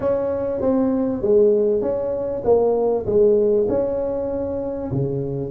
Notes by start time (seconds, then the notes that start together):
0.00 C#4
0.60 C4
1.21 G#3
1.81 C#4
2.44 A#3
3.06 G#3
3.68 C#4
4.91 C#3